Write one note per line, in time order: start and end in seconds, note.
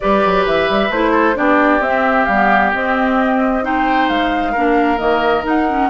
0.00 0.25 G3
0.00 0.92 G4
0.00 1.11 B4
0.00 0.45 D5
0.25 0.46 F#3
0.46 0.68 E3
0.46 0.91 E5
0.69 0.89 G3
0.89 1.35 A3
0.89 1.35 E4
0.89 1.36 C5
1.11 1.34 A4
1.35 1.80 B3
1.35 1.80 D4
1.35 3.64 G4
1.35 1.82 D5
1.80 2.25 C4
1.80 2.30 C4
1.80 2.24 E5
2.24 2.73 G3
2.24 2.70 F5
2.31 2.74 B3
2.73 3.62 C4
2.73 4.09 C4
2.73 3.64 D#5
3.62 4.53 D#4
3.62 4.52 C5
3.62 4.08 G5
4.08 4.55 G#3
4.08 4.98 F5
4.52 4.99 A#3
4.52 4.98 D4
4.52 5.88 A#4
4.98 5.44 D#3
4.98 5.43 A#3
4.98 5.44 D#5
5.43 5.66 D#4
5.43 5.90 D#4
5.43 5.90 F#5
5.68 5.90 C#4